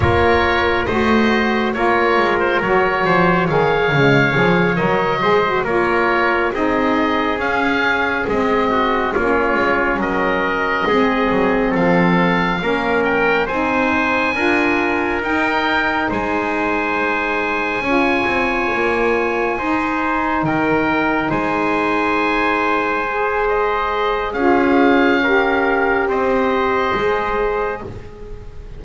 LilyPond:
<<
  \new Staff \with { instrumentName = "oboe" } { \time 4/4 \tempo 4 = 69 cis''4 dis''4 cis''8. c''16 cis''4 | f''4. dis''4 cis''4 dis''8~ | dis''8 f''4 dis''4 cis''4 dis''8~ | dis''4. f''4. g''8 gis''8~ |
gis''4. g''4 gis''4.~ | gis''2.~ gis''8 g''8~ | g''8 gis''2~ gis''8 dis''4 | f''2 dis''2 | }
  \new Staff \with { instrumentName = "trumpet" } { \time 4/4 ais'4 c''4 ais'4. c''8 | cis''2 c''8 ais'4 gis'8~ | gis'2 fis'8 f'4 ais'8~ | ais'8 gis'4 a'4 ais'4 c''8~ |
c''8 ais'2 c''4.~ | c''8 cis''2 c''4 ais'8~ | ais'8 c''2.~ c''8 | gis'4 ais'4 c''2 | }
  \new Staff \with { instrumentName = "saxophone" } { \time 4/4 f'4 fis'4 f'4 fis'4 | gis'8 gis8 gis'8 ais'8 gis'16 fis'16 f'4 dis'8~ | dis'8 cis'4 c'4 cis'4.~ | cis'8 c'2 cis'4 dis'8~ |
dis'8 f'4 dis'2~ dis'8~ | dis'8 f'2 dis'4.~ | dis'2~ dis'8 gis'4. | f'4 g'2 gis'4 | }
  \new Staff \with { instrumentName = "double bass" } { \time 4/4 ais4 a4 ais8 gis8 fis8 f8 | dis8 cis8 f8 fis8 gis8 ais4 c'8~ | c'8 cis'4 gis4 ais8 gis8 fis8~ | fis8 gis8 fis8 f4 ais4 c'8~ |
c'8 d'4 dis'4 gis4.~ | gis8 cis'8 c'8 ais4 dis'4 dis8~ | dis8 gis2.~ gis8 | cis'2 c'4 gis4 | }
>>